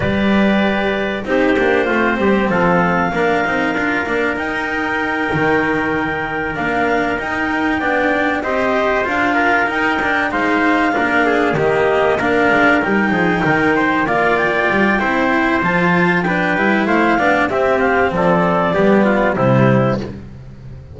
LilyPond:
<<
  \new Staff \with { instrumentName = "clarinet" } { \time 4/4 \tempo 4 = 96 d''2 c''2 | f''2. g''4~ | g''2~ g''8 f''4 g''8~ | g''4. dis''4 f''4 g''8~ |
g''8 f''2 dis''4 f''8~ | f''8 g''2 f''8 g''4~ | g''4 a''4 g''4 f''4 | e''8 f''8 d''2 c''4 | }
  \new Staff \with { instrumentName = "trumpet" } { \time 4/4 b'2 g'4 f'8 g'8 | a'4 ais'2.~ | ais'1~ | ais'8 d''4 c''4. ais'4~ |
ais'8 c''4 ais'8 gis'8 g'4 ais'8~ | ais'4 gis'8 ais'8 c''8 d''4. | c''2 b'4 c''8 d''8 | g'4 a'4 g'8 f'8 e'4 | }
  \new Staff \with { instrumentName = "cello" } { \time 4/4 g'2 dis'8 d'8 c'4~ | c'4 d'8 dis'8 f'8 d'8 dis'4~ | dis'2~ dis'8 d'4 dis'8~ | dis'8 d'4 g'4 f'4 dis'8 |
d'8 dis'4 d'4 ais4 d'8~ | d'8 dis'2 f'4. | e'4 f'4 d'8 e'4 d'8 | c'2 b4 g4 | }
  \new Staff \with { instrumentName = "double bass" } { \time 4/4 g2 c'8 ais8 a8 g8 | f4 ais8 c'8 d'8 ais8 dis'4~ | dis'8 dis2 ais4 dis'8~ | dis'8 b4 c'4 d'4 dis'8~ |
dis'8 gis4 ais4 dis4 ais8 | gis8 g8 f8 dis4 ais4 g8 | c'4 f4. g8 a8 b8 | c'4 f4 g4 c4 | }
>>